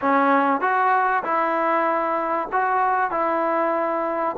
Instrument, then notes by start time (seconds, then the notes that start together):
trombone
0.01 C#4
0.60 F#4
1.23 E4
2.52 F#4
3.11 E4